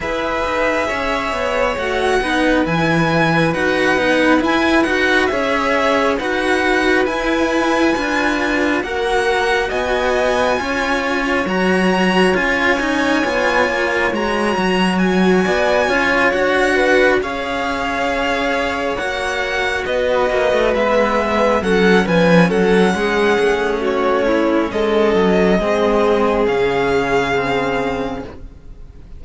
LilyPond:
<<
  \new Staff \with { instrumentName = "violin" } { \time 4/4 \tempo 4 = 68 e''2 fis''4 gis''4 | fis''4 gis''8 fis''8 e''4 fis''4 | gis''2 fis''4 gis''4~ | gis''4 ais''4 gis''2 |
ais''4 gis''4. fis''4 f''8~ | f''4. fis''4 dis''4 e''8~ | e''8 fis''8 gis''8 fis''4. cis''4 | dis''2 f''2 | }
  \new Staff \with { instrumentName = "violin" } { \time 4/4 b'4 cis''4. b'4.~ | b'2 cis''4 b'4~ | b'2 ais'4 dis''4 | cis''1~ |
cis''4. d''8 cis''4 b'8 cis''8~ | cis''2~ cis''8 b'4.~ | b'8 a'8 b'8 a'8 gis'4 fis'8 e'8 | a'4 gis'2. | }
  \new Staff \with { instrumentName = "cello" } { \time 4/4 gis'2 fis'8 dis'8 e'4 | fis'8 dis'8 e'8 fis'8 gis'4 fis'4 | e'4 f'4 fis'2 | f'4 fis'4 f'8 dis'8 f'4 |
fis'2 f'8 fis'4 gis'8~ | gis'4. fis'2 b8~ | b8 cis'2.~ cis'8~ | cis'4 c'4 cis'4 c'4 | }
  \new Staff \with { instrumentName = "cello" } { \time 4/4 e'8 dis'8 cis'8 b8 a8 b8 e4 | dis'8 b8 e'8 dis'8 cis'4 dis'4 | e'4 d'4 ais4 b4 | cis'4 fis4 cis'4 b8 ais8 |
gis8 fis4 b8 cis'8 d'4 cis'8~ | cis'4. ais4 b8 ais16 a16 gis8~ | gis8 fis8 f8 fis8 gis8 a4. | gis8 fis8 gis4 cis2 | }
>>